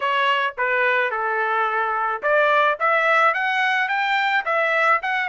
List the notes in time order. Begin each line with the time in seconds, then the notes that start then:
0.00 C#5
0.57 B4
1.10 A4
2.22 D5
2.79 E5
3.33 F#5
3.88 G5
4.45 E5
5.02 F#5